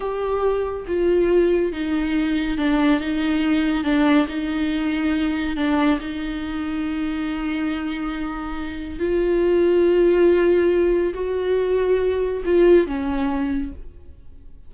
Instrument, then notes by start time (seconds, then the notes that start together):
viola
0.00 G4
0.87 F4
1.72 D#4
2.57 D4
3.00 D#4
3.84 D4
4.27 D#4
5.56 D4
5.99 D#4
8.99 F4
11.14 F#4
12.45 F4
12.86 C#4